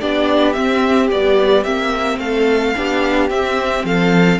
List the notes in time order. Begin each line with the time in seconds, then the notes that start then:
0.00 B3 D4 G4 D5
0.52 C4 E5
1.11 G3 B3 D5
1.63 A#3 C4 E5
2.18 A3 A4 F5
2.75 B3 D4 G4
3.30 C4 E5
3.84 F3 A4 F5